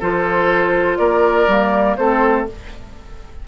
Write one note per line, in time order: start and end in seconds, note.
0.00 0.99 F3
0.00 1.49 F4
0.00 0.98 A4
0.00 0.98 C5
0.98 1.48 A#3
0.98 1.97 A#4
0.98 1.96 D5
1.48 1.97 G3
1.48 1.98 A#3
1.97 2.48 A3
1.97 2.47 C4
1.97 2.48 A4
1.97 2.46 C5